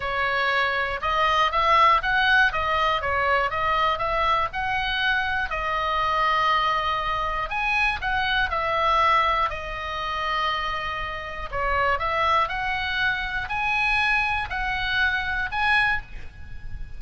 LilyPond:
\new Staff \with { instrumentName = "oboe" } { \time 4/4 \tempo 4 = 120 cis''2 dis''4 e''4 | fis''4 dis''4 cis''4 dis''4 | e''4 fis''2 dis''4~ | dis''2. gis''4 |
fis''4 e''2 dis''4~ | dis''2. cis''4 | e''4 fis''2 gis''4~ | gis''4 fis''2 gis''4 | }